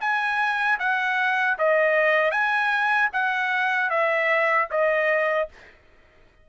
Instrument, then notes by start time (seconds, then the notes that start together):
trumpet
0.00 G#5
0.79 F#5
1.58 D#5
2.31 G#5
3.12 F#5
3.90 E5
4.70 D#5